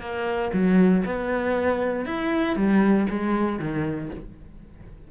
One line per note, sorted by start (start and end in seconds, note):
0.00 0.51 A#3
0.53 1.04 F#3
1.05 2.05 B3
2.05 2.56 E4
2.56 3.06 G3
3.09 3.59 G#3
3.59 4.10 D#3